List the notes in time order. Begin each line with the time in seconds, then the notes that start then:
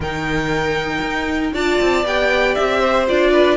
0.00 D#3 D#4 A#4 G5
1.01 D#4
1.52 D4 F4 D5 A5
1.81 C4
2.04 B3 G4 G5
2.54 C4 E5
2.79 C5
3.07 D4 F4 D5
3.32 B4